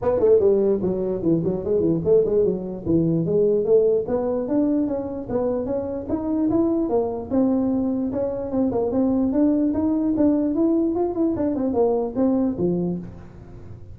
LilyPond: \new Staff \with { instrumentName = "tuba" } { \time 4/4 \tempo 4 = 148 b8 a8 g4 fis4 e8 fis8 | gis8 e8 a8 gis8 fis4 e4 | gis4 a4 b4 d'4 | cis'4 b4 cis'4 dis'4 |
e'4 ais4 c'2 | cis'4 c'8 ais8 c'4 d'4 | dis'4 d'4 e'4 f'8 e'8 | d'8 c'8 ais4 c'4 f4 | }